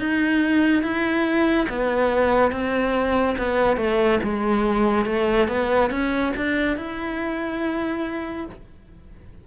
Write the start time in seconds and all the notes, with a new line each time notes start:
0.00 D#4
0.83 E4
1.69 B3
2.52 C4
3.38 B3
3.77 A3
4.24 G#3
5.06 A3
5.49 B3
5.91 C#4
6.37 D4
6.77 E4